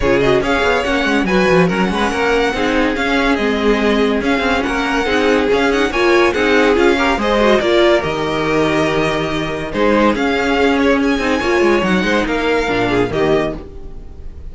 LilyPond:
<<
  \new Staff \with { instrumentName = "violin" } { \time 4/4 \tempo 4 = 142 cis''8 dis''8 f''4 fis''4 gis''4 | fis''2. f''4 | dis''2 f''4 fis''4~ | fis''4 f''8 fis''8 gis''4 fis''4 |
f''4 dis''4 d''4 dis''4~ | dis''2. c''4 | f''4. cis''8 gis''2 | fis''4 f''2 dis''4 | }
  \new Staff \with { instrumentName = "violin" } { \time 4/4 gis'4 cis''2 b'4 | ais'8 b'8 ais'4 gis'2~ | gis'2. ais'4 | gis'2 cis''4 gis'4~ |
gis'8 ais'8 c''4 ais'2~ | ais'2. gis'4~ | gis'2. cis''4~ | cis''8 c''8 ais'4. gis'8 g'4 | }
  \new Staff \with { instrumentName = "viola" } { \time 4/4 f'8 fis'8 gis'4 cis'4 fis'4 | cis'2 dis'4 cis'4 | c'2 cis'2 | dis'4 cis'8 dis'8 f'4 dis'4 |
f'8 g'8 gis'8 fis'8 f'4 g'4~ | g'2. dis'4 | cis'2~ cis'8 dis'8 f'4 | dis'2 d'4 ais4 | }
  \new Staff \with { instrumentName = "cello" } { \time 4/4 cis4 cis'8 b8 ais8 gis8 fis8 f8 | fis8 gis8 ais4 c'4 cis'4 | gis2 cis'8 c'8 ais4 | c'4 cis'4 ais4 c'4 |
cis'4 gis4 ais4 dis4~ | dis2. gis4 | cis'2~ cis'8 c'8 ais8 gis8 | fis8 gis8 ais4 ais,4 dis4 | }
>>